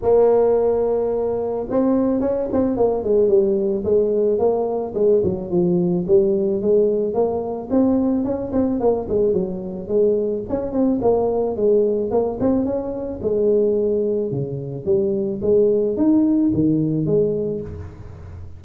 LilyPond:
\new Staff \with { instrumentName = "tuba" } { \time 4/4 \tempo 4 = 109 ais2. c'4 | cis'8 c'8 ais8 gis8 g4 gis4 | ais4 gis8 fis8 f4 g4 | gis4 ais4 c'4 cis'8 c'8 |
ais8 gis8 fis4 gis4 cis'8 c'8 | ais4 gis4 ais8 c'8 cis'4 | gis2 cis4 g4 | gis4 dis'4 dis4 gis4 | }